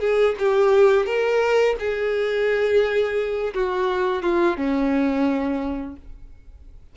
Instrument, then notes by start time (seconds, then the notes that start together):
violin
0.00 G#4
0.39 G4
1.06 A#4
1.79 G#4
3.54 F#4
4.22 F4
4.57 C#4